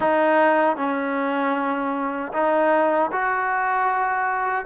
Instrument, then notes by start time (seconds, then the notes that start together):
trombone
0.00 D#4
0.76 C#4
2.32 D#4
3.12 F#4